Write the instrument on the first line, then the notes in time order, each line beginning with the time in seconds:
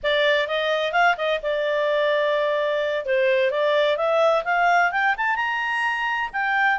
clarinet
0.03 D5
0.47 D#5
0.92 F5
1.17 D#5
1.42 D5
3.05 C5
3.50 D5
3.96 E5
4.44 F5
4.91 G5
5.17 A5
5.35 A#5
6.32 G5